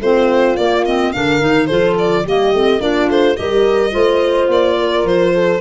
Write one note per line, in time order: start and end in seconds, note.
0.00 0.56 A3
0.00 0.58 C4
0.00 1.15 F4
0.00 0.56 C5
0.56 1.13 A#3
0.56 0.86 A#3
0.56 0.84 D5
0.84 1.13 C4
0.84 1.12 D#5
1.12 1.41 D3
1.12 1.40 D4
1.12 1.67 A#4
1.12 1.66 F5
1.40 1.69 D#3
1.40 1.68 D#4
1.66 2.25 F3
1.66 2.25 F4
1.66 2.23 A4
1.66 1.94 C5
1.98 2.26 D5
2.24 2.53 G3
2.24 2.53 A#3
2.24 2.80 G4
2.24 2.81 D#5
2.53 2.80 A3
2.53 2.79 C4
2.79 3.08 A#3
2.79 3.35 D4
2.79 3.37 F4
2.79 3.09 D5
3.09 3.37 A3
3.09 3.36 C5
3.35 3.94 G3
3.35 3.90 G4
3.35 3.92 A#4
3.35 4.48 D#5
3.90 4.47 A3
3.90 5.59 F4
3.90 4.76 C5
4.47 5.03 A#3
4.47 5.06 D5
4.79 5.34 A#4
5.03 5.59 F3
5.03 5.60 C5
5.34 5.60 A4